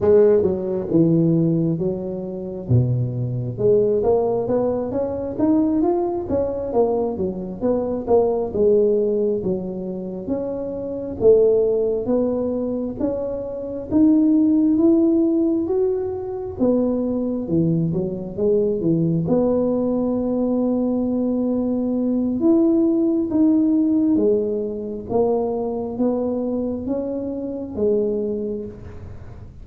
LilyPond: \new Staff \with { instrumentName = "tuba" } { \time 4/4 \tempo 4 = 67 gis8 fis8 e4 fis4 b,4 | gis8 ais8 b8 cis'8 dis'8 f'8 cis'8 ais8 | fis8 b8 ais8 gis4 fis4 cis'8~ | cis'8 a4 b4 cis'4 dis'8~ |
dis'8 e'4 fis'4 b4 e8 | fis8 gis8 e8 b2~ b8~ | b4 e'4 dis'4 gis4 | ais4 b4 cis'4 gis4 | }